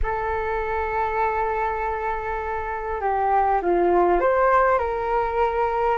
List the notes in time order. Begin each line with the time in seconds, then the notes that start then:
0.02 A4
3.00 G4
3.62 F4
4.19 C5
4.78 A#4